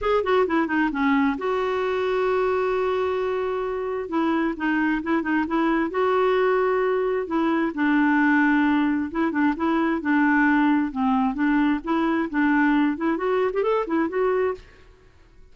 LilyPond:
\new Staff \with { instrumentName = "clarinet" } { \time 4/4 \tempo 4 = 132 gis'8 fis'8 e'8 dis'8 cis'4 fis'4~ | fis'1~ | fis'4 e'4 dis'4 e'8 dis'8 | e'4 fis'2. |
e'4 d'2. | e'8 d'8 e'4 d'2 | c'4 d'4 e'4 d'4~ | d'8 e'8 fis'8. g'16 a'8 e'8 fis'4 | }